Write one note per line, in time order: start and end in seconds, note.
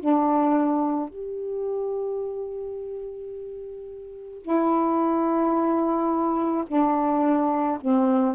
0.00 1.10 D4
1.10 4.42 G4
4.42 6.65 E4
6.68 7.79 D4
7.81 8.35 C4